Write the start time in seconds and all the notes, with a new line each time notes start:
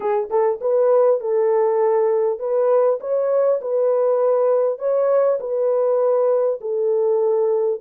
0.00 G#4
0.30 A4
0.61 B4
1.20 A4
2.39 B4
3.00 C#5
3.61 B4
4.78 C#5
5.40 B4
6.60 A4